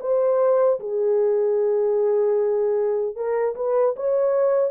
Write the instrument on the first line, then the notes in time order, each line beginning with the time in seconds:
horn
0.00 C5
0.79 G#4
3.15 A#4
3.55 B4
3.96 C#5